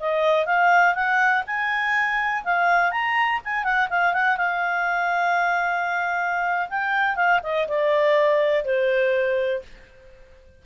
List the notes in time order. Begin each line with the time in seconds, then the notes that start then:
0.00 D#5
0.46 F5
0.95 F#5
1.46 G#5
2.44 F5
2.91 A#5
3.45 G#5
3.64 F#5
3.90 F5
4.13 F#5
4.37 F5
6.69 G5
7.16 F5
7.43 D#5
7.68 D5
8.65 C5